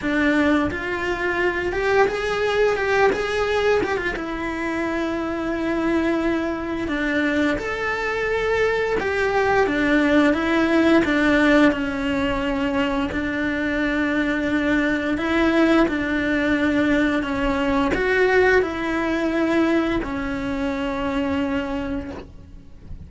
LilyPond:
\new Staff \with { instrumentName = "cello" } { \time 4/4 \tempo 4 = 87 d'4 f'4. g'8 gis'4 | g'8 gis'4 g'16 f'16 e'2~ | e'2 d'4 a'4~ | a'4 g'4 d'4 e'4 |
d'4 cis'2 d'4~ | d'2 e'4 d'4~ | d'4 cis'4 fis'4 e'4~ | e'4 cis'2. | }